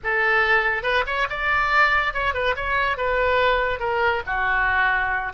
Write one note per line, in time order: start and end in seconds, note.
0.03 0.82 A4
0.82 1.04 B4
1.06 1.27 C#5
1.29 2.13 D5
2.13 2.33 C#5
2.33 2.55 B4
2.55 2.97 C#5
2.97 3.79 B4
3.79 4.22 A#4
4.26 5.32 F#4